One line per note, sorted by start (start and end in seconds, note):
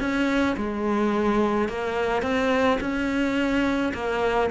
0.00 0.56 C#4
0.57 1.69 G#3
1.69 2.23 A#3
2.23 2.79 C4
2.81 3.93 C#4
3.94 4.50 A#3